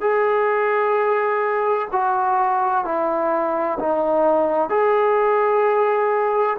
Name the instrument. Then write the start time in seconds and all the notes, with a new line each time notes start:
trombone
0.00 G#4
1.91 F#4
2.84 E4
3.79 D#4
4.69 G#4